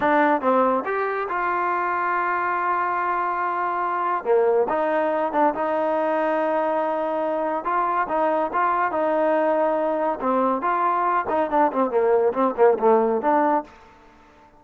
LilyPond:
\new Staff \with { instrumentName = "trombone" } { \time 4/4 \tempo 4 = 141 d'4 c'4 g'4 f'4~ | f'1~ | f'2 ais4 dis'4~ | dis'8 d'8 dis'2.~ |
dis'2 f'4 dis'4 | f'4 dis'2. | c'4 f'4. dis'8 d'8 c'8 | ais4 c'8 ais8 a4 d'4 | }